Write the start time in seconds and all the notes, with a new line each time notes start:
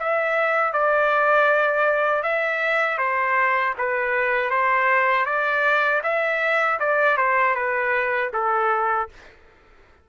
0.00 E5
0.74 D5
2.23 E5
2.98 C5
3.79 B4
4.51 C5
5.26 D5
6.04 E5
6.80 D5
7.17 C5
7.56 B4
8.34 A4